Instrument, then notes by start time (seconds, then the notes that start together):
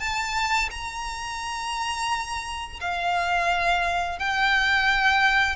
violin
0.00 A5
0.71 A#5
2.81 F5
4.19 G5